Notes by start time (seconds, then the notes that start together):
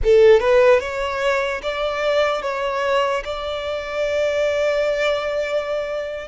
0.03 A4
0.39 B4
0.80 C#5
1.62 D5
2.41 C#5
3.24 D5